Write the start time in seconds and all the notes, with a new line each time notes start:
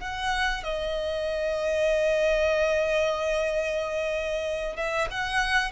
0.00 F#5
0.64 D#5
4.76 E5
5.11 F#5